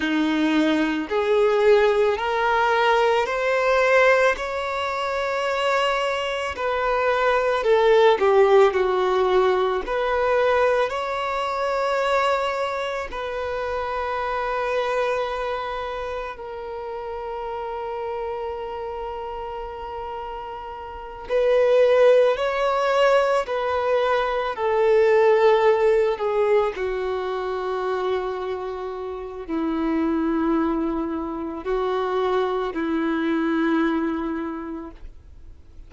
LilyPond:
\new Staff \with { instrumentName = "violin" } { \time 4/4 \tempo 4 = 55 dis'4 gis'4 ais'4 c''4 | cis''2 b'4 a'8 g'8 | fis'4 b'4 cis''2 | b'2. ais'4~ |
ais'2.~ ais'8 b'8~ | b'8 cis''4 b'4 a'4. | gis'8 fis'2~ fis'8 e'4~ | e'4 fis'4 e'2 | }